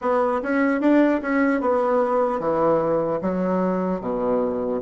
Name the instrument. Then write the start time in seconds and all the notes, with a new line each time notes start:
bassoon
0.01 B3
0.42 C#4
0.80 D4
1.21 C#4
1.60 B3
2.39 E3
3.21 F#3
4.00 B2